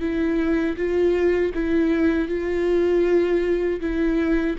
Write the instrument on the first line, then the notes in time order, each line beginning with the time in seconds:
viola
0.00 E4
0.76 F4
1.54 E4
2.28 F4
3.80 E4